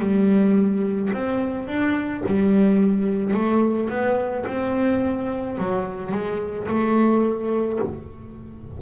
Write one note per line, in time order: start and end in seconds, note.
0.00 1.11 G3
1.13 1.68 C4
1.68 2.23 D4
2.26 3.34 G3
3.34 3.90 A3
3.90 4.45 B3
4.47 5.58 C4
5.58 6.12 F#3
6.12 6.68 G#3
6.68 7.79 A3